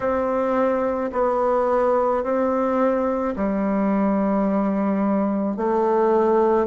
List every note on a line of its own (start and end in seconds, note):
0.00 1.11 C4
1.12 2.23 B3
2.23 3.34 C4
3.35 5.57 G3
5.57 6.66 A3